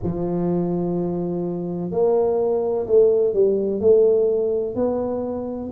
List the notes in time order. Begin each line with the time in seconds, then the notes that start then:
0.03 F3
1.90 A#3
2.87 A3
3.33 G3
3.80 A3
4.75 B3